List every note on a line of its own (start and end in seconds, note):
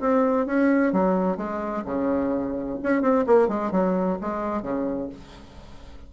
0.00 0.46 C4
0.46 0.92 C#4
0.93 1.37 F#3
1.37 1.84 G#3
1.85 2.78 C#3
2.83 3.02 C#4
3.02 3.25 C4
3.27 3.48 A#3
3.48 3.71 G#3
3.71 4.18 F#3
4.21 4.62 G#3
4.62 5.09 C#3